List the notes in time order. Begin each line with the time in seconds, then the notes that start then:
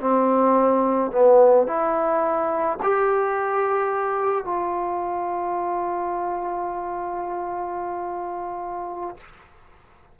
0.00 C4
1.11 B3
1.67 E4
2.82 G4
4.44 F4